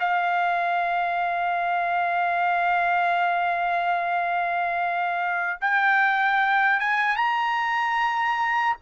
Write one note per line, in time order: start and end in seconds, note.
0.00 5.60 F5
5.61 6.80 G5
6.80 7.16 G#5
7.16 8.76 A#5